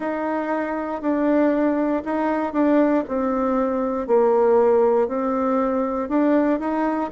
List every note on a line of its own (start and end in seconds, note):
0.00 1.01 D#4
1.01 2.03 D4
2.04 2.52 D#4
2.52 3.03 D4
3.07 4.07 C4
4.07 5.08 A#3
5.08 6.08 C4
6.08 6.59 D4
6.59 7.10 D#4